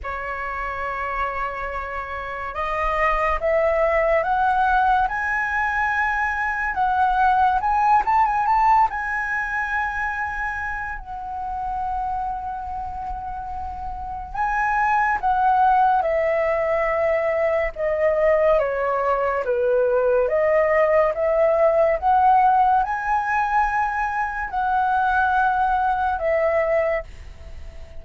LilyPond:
\new Staff \with { instrumentName = "flute" } { \time 4/4 \tempo 4 = 71 cis''2. dis''4 | e''4 fis''4 gis''2 | fis''4 gis''8 a''16 gis''16 a''8 gis''4.~ | gis''4 fis''2.~ |
fis''4 gis''4 fis''4 e''4~ | e''4 dis''4 cis''4 b'4 | dis''4 e''4 fis''4 gis''4~ | gis''4 fis''2 e''4 | }